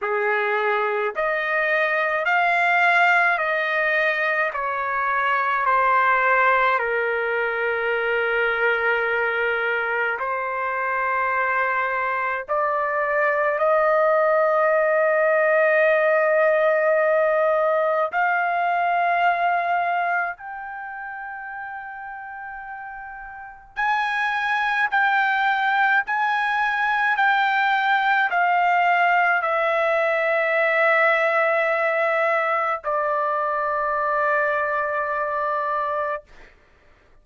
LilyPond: \new Staff \with { instrumentName = "trumpet" } { \time 4/4 \tempo 4 = 53 gis'4 dis''4 f''4 dis''4 | cis''4 c''4 ais'2~ | ais'4 c''2 d''4 | dis''1 |
f''2 g''2~ | g''4 gis''4 g''4 gis''4 | g''4 f''4 e''2~ | e''4 d''2. | }